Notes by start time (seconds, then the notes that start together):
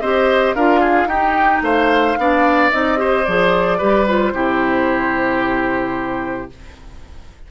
0.00 C4 G4 C5 D#5
0.55 D4 F4 A#4 F5
0.81 G#4
1.06 D#4 G4 G5
1.62 A3 C5 F5
2.18 B3 D4 D5
2.71 C4 D#4 D#5
2.97 G4 C5
3.25 F3 G#4 D5
3.78 G3 G4 B4
4.07 F4 C5
4.34 C3 E4 G4